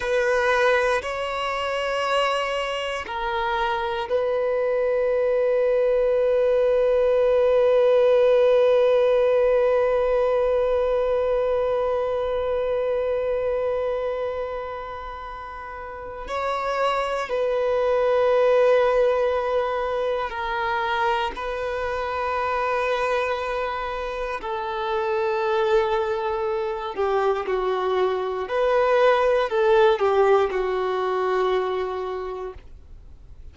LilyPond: \new Staff \with { instrumentName = "violin" } { \time 4/4 \tempo 4 = 59 b'4 cis''2 ais'4 | b'1~ | b'1~ | b'1 |
cis''4 b'2. | ais'4 b'2. | a'2~ a'8 g'8 fis'4 | b'4 a'8 g'8 fis'2 | }